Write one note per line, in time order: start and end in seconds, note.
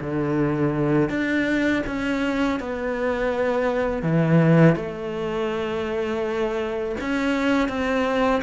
0.00 1.09 D3
1.09 1.82 D4
1.86 2.59 C#4
2.59 4.02 B3
4.02 4.76 E3
4.76 6.95 A3
7.00 7.68 C#4
7.68 8.41 C4